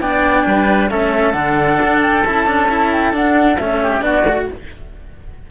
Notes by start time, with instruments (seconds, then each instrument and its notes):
0.00 cello B3 D4, oboe D5, flute G5
0.45 cello G3, oboe B4
0.90 cello A3 C#4, oboe A4, flute E5
1.32 cello D3 D4, flute F#5
1.81 cello D4
2.01 flute G5
2.24 cello C#4 E4, flute A5
2.46 cello D4
2.68 cello E4
2.91 flute G5
3.12 cello D4, flute F#5
3.57 cello A3 C#4, flute E5
3.82 oboe G4
4.01 cello B3 D4, oboe F#4, flute D5
4.25 cello A3 F#4